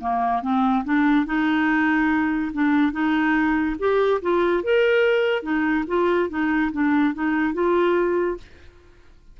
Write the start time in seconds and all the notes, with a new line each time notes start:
0.00 A#3
0.42 C4
0.84 D4
1.26 D#4
2.53 D4
2.92 D#4
3.79 G4
4.21 F4
4.63 A#4
5.42 D#4
5.87 F4
6.29 D#4
6.72 D4
7.14 D#4
7.54 F4